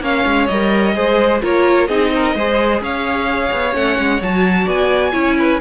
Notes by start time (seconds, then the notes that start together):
0.00 A#3 C#4 C#5 F5
0.26 G#3
0.47 G3 A#4 D#5
0.95 G#3 G#4 C5
1.42 A#3 F4 A#4 C#5
1.88 C4 D#4 G#4 D#5
2.15 A#4
2.35 G#3 G#4 C5
2.81 C#4 C#5 F5
3.52 B3
3.73 A3 C#4 F#5
3.99 G#3
4.22 F#3 F#4 A5
4.64 B3 D5 G#5
5.13 C#4 E4 C#5
5.39 B4